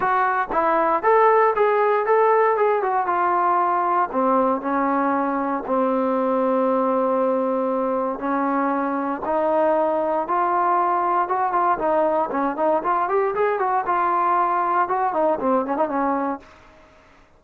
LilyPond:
\new Staff \with { instrumentName = "trombone" } { \time 4/4 \tempo 4 = 117 fis'4 e'4 a'4 gis'4 | a'4 gis'8 fis'8 f'2 | c'4 cis'2 c'4~ | c'1 |
cis'2 dis'2 | f'2 fis'8 f'8 dis'4 | cis'8 dis'8 f'8 g'8 gis'8 fis'8 f'4~ | f'4 fis'8 dis'8 c'8 cis'16 dis'16 cis'4 | }